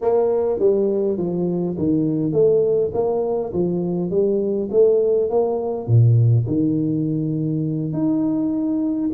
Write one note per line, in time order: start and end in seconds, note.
0.01 0.59 A#3
0.59 1.17 G3
1.17 1.76 F3
1.78 2.32 D#3
2.32 2.91 A3
2.93 3.52 A#3
3.52 4.10 F3
4.10 4.69 G3
4.71 5.29 A3
5.29 5.87 A#3
5.87 6.45 A#2
6.47 7.93 D#3
7.93 9.10 D#4